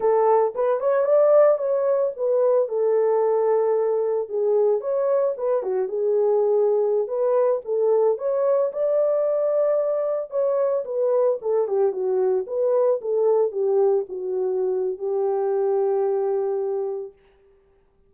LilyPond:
\new Staff \with { instrumentName = "horn" } { \time 4/4 \tempo 4 = 112 a'4 b'8 cis''8 d''4 cis''4 | b'4 a'2. | gis'4 cis''4 b'8 fis'8 gis'4~ | gis'4~ gis'16 b'4 a'4 cis''8.~ |
cis''16 d''2. cis''8.~ | cis''16 b'4 a'8 g'8 fis'4 b'8.~ | b'16 a'4 g'4 fis'4.~ fis'16 | g'1 | }